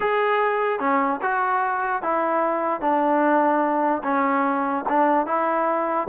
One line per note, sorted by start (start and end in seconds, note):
0.00 0.79 G#4
0.79 1.20 C#4
1.21 2.02 F#4
2.02 2.80 E4
2.80 4.02 D4
4.03 4.84 C#4
4.89 5.26 D4
5.26 6.07 E4